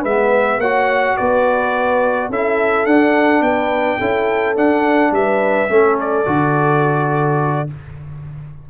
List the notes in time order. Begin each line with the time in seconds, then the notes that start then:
0.00 G#3 B4 E5
0.06 B3
0.57 A#3 F#4 C#5 F#5
1.17 B3 B4 D5
2.29 C#4 E4 A4 E5
2.86 D4 F#5
3.41 B3 B4 G5
3.98 C#4 E4 A4
4.56 D4 F#5
5.11 G3 B4 E5
5.69 A3 C#4 A4
6.00 D5
6.26 D3 F#4